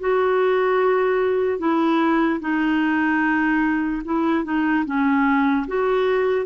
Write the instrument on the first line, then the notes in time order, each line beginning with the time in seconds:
clarinet
0.00 F#4
1.59 E4
2.40 D#4
4.05 E4
4.44 D#4
4.86 C#4
5.68 F#4